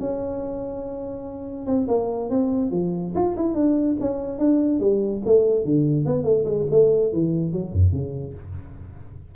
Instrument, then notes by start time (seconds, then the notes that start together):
tuba
0.00 C#4
1.66 C4
1.88 A#3
2.30 C4
2.71 F3
3.15 F4
3.37 E4
3.55 D4
4.00 C#4
4.39 D4
4.80 G3
5.25 A3
5.65 D3
6.05 B3
6.24 A3
6.45 G#3
6.71 A3
7.12 E3
7.52 F#3
7.73 F#2
7.92 C#3